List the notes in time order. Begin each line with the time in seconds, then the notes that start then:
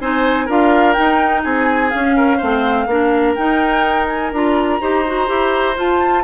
0.00 C4 D#4 C5 G#5
0.46 D4 F4 A#4 F5
0.93 D#4 G5
1.44 C4 G#4 G#5
1.90 C#4 F5
2.16 A#4
2.37 A3 C4 C5
2.87 A#3 D4 A#4
3.35 D#4 G5
4.08 G#5
4.32 D4 F4 A#5
4.81 D#4 G4 C5
5.06 F#4
5.27 E4 G4
5.76 F4 A5